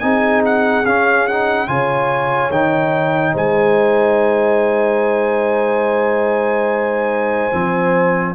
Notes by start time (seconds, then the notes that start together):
0.00 C4 D#4 G#4 G#5
0.45 F#5
0.86 C#4 F5
1.27 D#4 F#5
1.68 C#3 F4 C#5 G#5
2.51 D#3 D#4 G5
3.34 G#3 C5 G#5
7.52 F3 C4